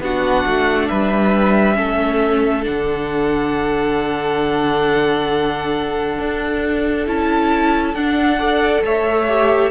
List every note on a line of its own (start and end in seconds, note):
0.00 0.44 B3
0.00 1.74 D4
0.00 0.88 F#4
0.00 0.88 F#5
0.45 0.90 A3
0.88 1.78 G3
0.88 1.77 B4
0.88 2.64 E5
1.74 2.66 A3
1.74 2.62 C#4
1.74 8.38 A4
2.62 6.19 D3
2.62 7.03 D4
2.62 7.07 F#5
6.19 7.07 D4
7.06 7.94 C#4
7.06 7.94 E4
7.06 7.95 A5
7.94 8.82 D4
7.94 8.39 D4
7.94 8.83 F#5
8.38 9.28 A4
8.38 8.82 D5
8.83 9.71 A3
8.83 9.71 C#5
8.83 9.71 E5
9.28 9.71 G4